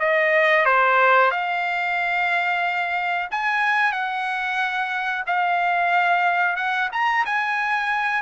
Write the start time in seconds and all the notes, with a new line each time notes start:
0.00 D#5
0.66 C5
1.31 F5
3.31 G#5
3.93 F#5
5.27 F5
6.57 F#5
6.93 A#5
7.26 G#5